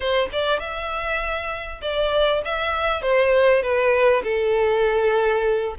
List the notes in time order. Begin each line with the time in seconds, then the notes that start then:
0.00 C5
0.32 D5
0.59 E5
1.81 D5
2.44 E5
3.02 C5
3.62 B4
4.23 A4